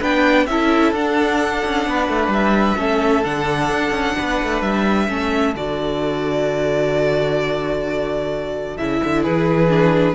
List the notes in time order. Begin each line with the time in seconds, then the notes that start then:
0.00 B3 D4 B4 G5
0.46 C#4 E4 A4 E5
0.92 D4 F#5
1.65 C#4
1.86 B3 B4
2.09 A3
2.27 G3 E5
2.77 A3 C#4 A4
3.24 D3 D4 F#5
3.70 D4
3.91 C#4
4.18 B3 B4
4.42 A3
4.62 G3 E5
5.08 A3 C#4 A4
5.54 D3 F#4 D5
8.77 C#3 E4 E5
9.04 D3
9.23 E3 G#4 B4
9.69 D4